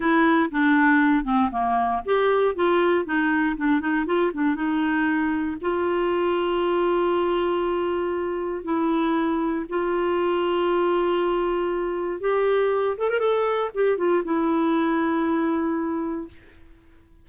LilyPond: \new Staff \with { instrumentName = "clarinet" } { \time 4/4 \tempo 4 = 118 e'4 d'4. c'8 ais4 | g'4 f'4 dis'4 d'8 dis'8 | f'8 d'8 dis'2 f'4~ | f'1~ |
f'4 e'2 f'4~ | f'1 | g'4. a'16 ais'16 a'4 g'8 f'8 | e'1 | }